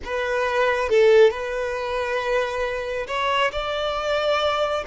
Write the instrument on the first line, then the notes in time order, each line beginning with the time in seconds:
violin
0.04 B4
0.89 A4
1.30 B4
3.06 C#5
3.52 D5